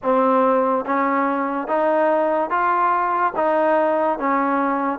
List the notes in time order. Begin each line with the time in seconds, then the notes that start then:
0.02 C4
0.85 C#4
1.67 D#4
2.50 F4
3.36 D#4
4.18 C#4